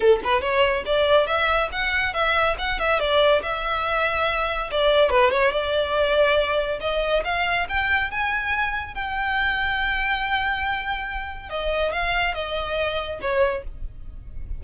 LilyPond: \new Staff \with { instrumentName = "violin" } { \time 4/4 \tempo 4 = 141 a'8 b'8 cis''4 d''4 e''4 | fis''4 e''4 fis''8 e''8 d''4 | e''2. d''4 | b'8 cis''8 d''2. |
dis''4 f''4 g''4 gis''4~ | gis''4 g''2.~ | g''2. dis''4 | f''4 dis''2 cis''4 | }